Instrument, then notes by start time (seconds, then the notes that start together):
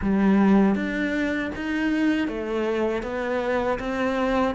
cello
0.01 G3
0.75 D4
1.55 D#4
2.28 A3
3.02 B3
3.79 C4